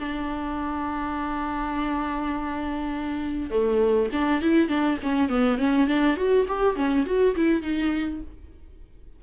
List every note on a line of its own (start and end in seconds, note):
0.00 3.51 D4
3.51 4.09 A3
4.13 4.42 D4
4.42 4.68 E4
4.68 4.98 D4
5.03 5.29 C#4
5.29 5.58 B3
5.58 5.87 C#4
5.87 6.17 D4
6.17 6.46 F#4
6.48 6.76 G4
6.76 7.05 C#4
7.06 7.36 F#4
7.36 7.62 E4
7.62 8.21 D#4